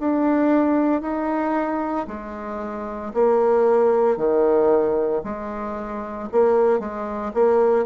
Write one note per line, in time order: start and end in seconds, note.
0.00 1.01 D4
1.01 2.07 D#4
2.08 3.13 G#3
3.14 4.17 A#3
4.17 5.22 D#3
5.24 6.29 G#3
6.32 6.79 A#3
6.79 7.32 G#3
7.34 7.86 A#3